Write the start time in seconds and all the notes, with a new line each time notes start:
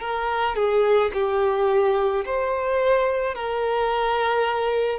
0.00 A#4
0.56 G#4
1.14 G4
2.25 C5
3.35 A#4